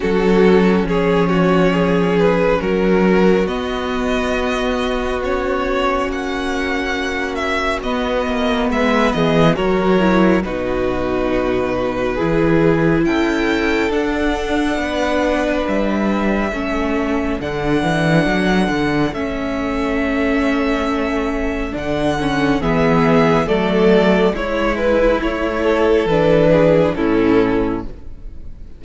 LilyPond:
<<
  \new Staff \with { instrumentName = "violin" } { \time 4/4 \tempo 4 = 69 a'4 cis''4. b'8 ais'4 | dis''2 cis''4 fis''4~ | fis''8 e''8 dis''4 e''8 dis''8 cis''4 | b'2. g''4 |
fis''2 e''2 | fis''2 e''2~ | e''4 fis''4 e''4 d''4 | cis''8 b'8 cis''4 b'4 a'4 | }
  \new Staff \with { instrumentName = "violin" } { \time 4/4 fis'4 gis'8 fis'8 gis'4 fis'4~ | fis'1~ | fis'2 b'8 gis'8 ais'4 | fis'2 gis'4 a'4~ |
a'4 b'2 a'4~ | a'1~ | a'2 gis'4 a'4 | e'4. a'4 gis'8 e'4 | }
  \new Staff \with { instrumentName = "viola" } { \time 4/4 cis'1 | b2 cis'2~ | cis'4 b2 fis'8 e'8 | dis'2 e'2 |
d'2. cis'4 | d'2 cis'2~ | cis'4 d'8 cis'8 b4 a4 | e'2 d'4 cis'4 | }
  \new Staff \with { instrumentName = "cello" } { \time 4/4 fis4 f2 fis4 | b2. ais4~ | ais4 b8 ais8 gis8 e8 fis4 | b,2 e4 cis'4 |
d'4 b4 g4 a4 | d8 e8 fis8 d8 a2~ | a4 d4 e4 fis4 | gis4 a4 e4 a,4 | }
>>